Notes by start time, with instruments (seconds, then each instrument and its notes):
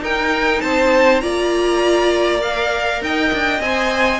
0.00 cello D#4, viola D#4, violin A#4 G5
0.60 cello C4, violin C5 A5
1.20 cello A#3, viola F4, violin D5 A#5
2.39 viola A#4, violin F5
3.01 cello D#4, violin D#5 G5
3.32 cello D4
3.60 cello C4, viola C5, violin G#5